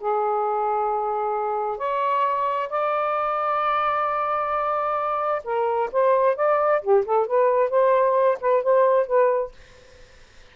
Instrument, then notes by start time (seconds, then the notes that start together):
saxophone
0.00 G#4
1.78 C#5
2.69 D5
5.44 A#4
5.92 C5
6.36 D5
6.82 G4
7.05 A4
7.26 B4
7.70 C5
8.40 B4
8.63 C5
9.07 B4